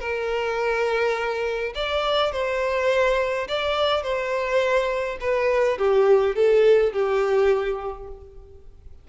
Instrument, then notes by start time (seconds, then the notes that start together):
violin
0.00 A#4
1.75 D5
2.32 C5
3.48 D5
4.03 C5
5.20 B4
5.78 G4
6.35 A4
6.93 G4